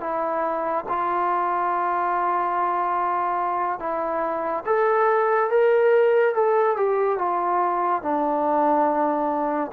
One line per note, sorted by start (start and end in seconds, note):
0.00 0.85 E4
0.88 3.79 F4
3.79 4.64 E4
4.66 5.50 A4
5.50 6.35 A#4
6.35 6.76 A4
6.76 7.18 G4
7.18 8.02 F4
8.02 9.71 D4